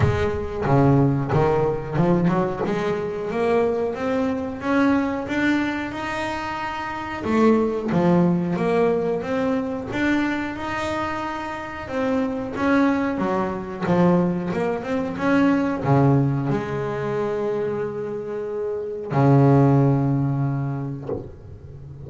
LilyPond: \new Staff \with { instrumentName = "double bass" } { \time 4/4 \tempo 4 = 91 gis4 cis4 dis4 f8 fis8 | gis4 ais4 c'4 cis'4 | d'4 dis'2 a4 | f4 ais4 c'4 d'4 |
dis'2 c'4 cis'4 | fis4 f4 ais8 c'8 cis'4 | cis4 gis2.~ | gis4 cis2. | }